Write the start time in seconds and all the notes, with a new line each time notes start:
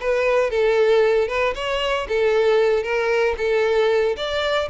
0.00 B4
0.50 A4
1.27 B4
1.54 C#5
2.08 A4
2.83 A#4
3.37 A4
4.16 D5